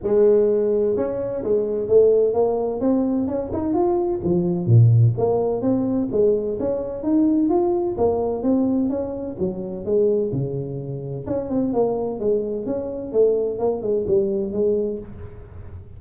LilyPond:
\new Staff \with { instrumentName = "tuba" } { \time 4/4 \tempo 4 = 128 gis2 cis'4 gis4 | a4 ais4 c'4 cis'8 dis'8 | f'4 f4 ais,4 ais4 | c'4 gis4 cis'4 dis'4 |
f'4 ais4 c'4 cis'4 | fis4 gis4 cis2 | cis'8 c'8 ais4 gis4 cis'4 | a4 ais8 gis8 g4 gis4 | }